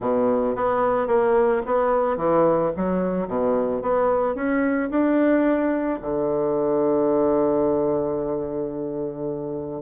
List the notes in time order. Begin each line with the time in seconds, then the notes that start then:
0.00 B2
0.55 B3
1.07 A#3
1.66 B3
2.16 E3
2.76 F#3
3.27 B2
3.82 B3
4.35 C#4
4.90 D4
6.01 D3